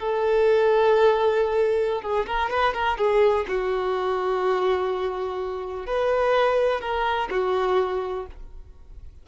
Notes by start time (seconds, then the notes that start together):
0.00 A4
2.02 G#4
2.27 A#4
2.50 B4
2.74 A#4
2.98 G#4
3.49 F#4
5.87 B4
6.81 A#4
7.31 F#4